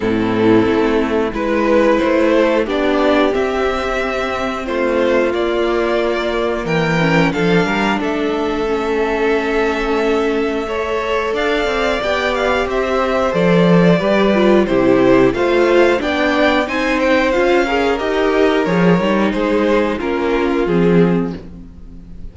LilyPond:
<<
  \new Staff \with { instrumentName = "violin" } { \time 4/4 \tempo 4 = 90 a'2 b'4 c''4 | d''4 e''2 c''4 | d''2 g''4 f''4 | e''1~ |
e''4 f''4 g''8 f''8 e''4 | d''2 c''4 f''4 | g''4 gis''8 g''8 f''4 dis''4 | cis''4 c''4 ais'4 gis'4 | }
  \new Staff \with { instrumentName = "violin" } { \time 4/4 e'2 b'4. a'8 | g'2. f'4~ | f'2 ais'4 a'8 ais'8 | a'1 |
cis''4 d''2 c''4~ | c''4 b'4 g'4 c''4 | d''4 c''4. ais'4.~ | ais'4 gis'4 f'2 | }
  \new Staff \with { instrumentName = "viola" } { \time 4/4 c'2 e'2 | d'4 c'2. | ais2~ ais8 cis'8 d'4~ | d'4 cis'2. |
a'2 g'2 | a'4 g'8 f'8 e'4 f'4 | d'4 dis'4 f'8 gis'8 g'4 | gis'8 dis'4. cis'4 c'4 | }
  \new Staff \with { instrumentName = "cello" } { \time 4/4 a,4 a4 gis4 a4 | b4 c'2 a4 | ais2 e4 f8 g8 | a1~ |
a4 d'8 c'8 b4 c'4 | f4 g4 c4 a4 | b4 c'4 cis'4 dis'4 | f8 g8 gis4 ais4 f4 | }
>>